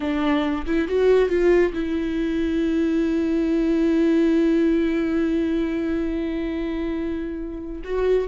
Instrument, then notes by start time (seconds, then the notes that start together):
viola
0.00 D4
0.66 E4
0.88 F#4
1.29 F4
1.73 E4
7.84 F#4